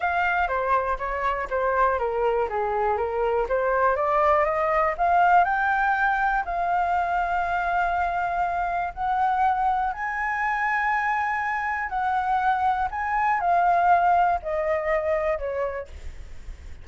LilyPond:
\new Staff \with { instrumentName = "flute" } { \time 4/4 \tempo 4 = 121 f''4 c''4 cis''4 c''4 | ais'4 gis'4 ais'4 c''4 | d''4 dis''4 f''4 g''4~ | g''4 f''2.~ |
f''2 fis''2 | gis''1 | fis''2 gis''4 f''4~ | f''4 dis''2 cis''4 | }